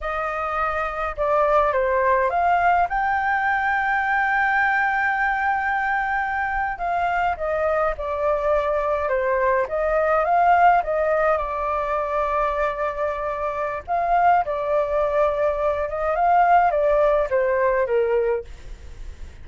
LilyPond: \new Staff \with { instrumentName = "flute" } { \time 4/4 \tempo 4 = 104 dis''2 d''4 c''4 | f''4 g''2.~ | g''2.~ g''8. f''16~ | f''8. dis''4 d''2 c''16~ |
c''8. dis''4 f''4 dis''4 d''16~ | d''1 | f''4 d''2~ d''8 dis''8 | f''4 d''4 c''4 ais'4 | }